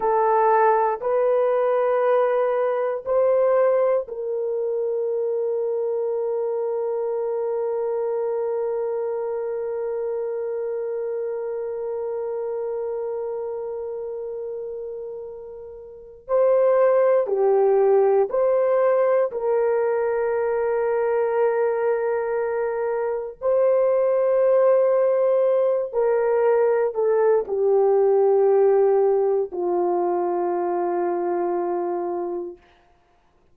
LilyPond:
\new Staff \with { instrumentName = "horn" } { \time 4/4 \tempo 4 = 59 a'4 b'2 c''4 | ais'1~ | ais'1~ | ais'1 |
c''4 g'4 c''4 ais'4~ | ais'2. c''4~ | c''4. ais'4 a'8 g'4~ | g'4 f'2. | }